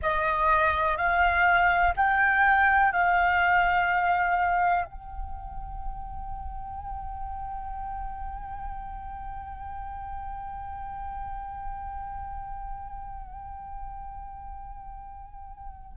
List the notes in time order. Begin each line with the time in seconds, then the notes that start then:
0.02 D#5
0.97 F5
1.96 G5
2.92 F5
4.85 G5